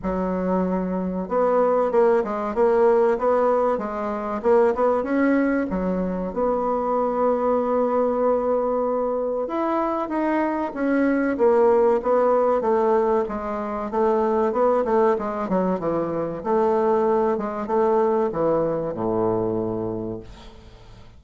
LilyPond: \new Staff \with { instrumentName = "bassoon" } { \time 4/4 \tempo 4 = 95 fis2 b4 ais8 gis8 | ais4 b4 gis4 ais8 b8 | cis'4 fis4 b2~ | b2. e'4 |
dis'4 cis'4 ais4 b4 | a4 gis4 a4 b8 a8 | gis8 fis8 e4 a4. gis8 | a4 e4 a,2 | }